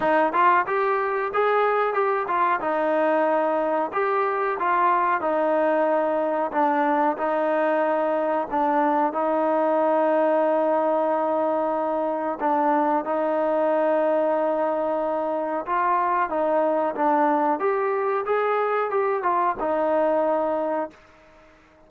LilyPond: \new Staff \with { instrumentName = "trombone" } { \time 4/4 \tempo 4 = 92 dis'8 f'8 g'4 gis'4 g'8 f'8 | dis'2 g'4 f'4 | dis'2 d'4 dis'4~ | dis'4 d'4 dis'2~ |
dis'2. d'4 | dis'1 | f'4 dis'4 d'4 g'4 | gis'4 g'8 f'8 dis'2 | }